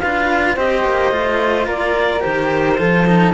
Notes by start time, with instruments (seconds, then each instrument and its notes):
0.00 cello D4 F4, flute B4, clarinet F5
0.56 cello C4 G4, flute C5, clarinet D#5
0.84 cello A#3
1.12 cello A3 F4
1.67 cello A#3, flute A#4, clarinet D5
2.21 cello D#3 G4, clarinet C5
2.78 cello F3 F4, flute A4
3.07 cello D#4